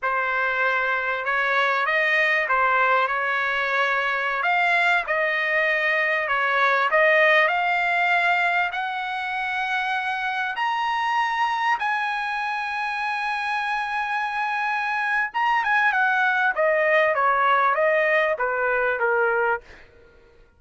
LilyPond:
\new Staff \with { instrumentName = "trumpet" } { \time 4/4 \tempo 4 = 98 c''2 cis''4 dis''4 | c''4 cis''2~ cis''16 f''8.~ | f''16 dis''2 cis''4 dis''8.~ | dis''16 f''2 fis''4.~ fis''16~ |
fis''4~ fis''16 ais''2 gis''8.~ | gis''1~ | gis''4 ais''8 gis''8 fis''4 dis''4 | cis''4 dis''4 b'4 ais'4 | }